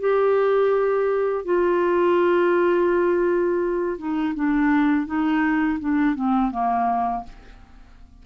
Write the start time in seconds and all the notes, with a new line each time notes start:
0.00 G4
1.45 F4
3.98 D#4
4.35 D4
5.06 D#4
5.79 D4
6.15 C4
6.51 A#3